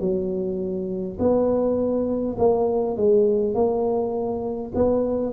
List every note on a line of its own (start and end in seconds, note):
0.00 1.18 F#3
1.20 2.37 B3
2.39 2.97 A#3
2.97 3.55 G#3
3.55 4.72 A#3
4.75 5.33 B3